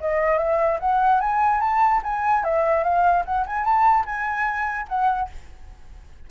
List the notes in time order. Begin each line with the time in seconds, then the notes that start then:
0.00 D#5
0.38 E5
0.79 F#5
1.20 G#5
1.60 A5
2.03 G#5
2.44 E5
2.83 F5
3.25 F#5
3.46 G#5
3.64 A5
4.05 G#5
4.88 F#5